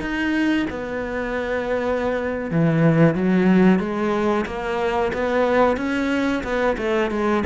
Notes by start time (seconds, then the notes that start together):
0.00 D#4
0.70 B3
2.51 E3
3.15 F#3
3.79 G#3
4.46 A#3
5.13 B3
5.76 C#4
6.43 B3
6.77 A3
7.10 G#3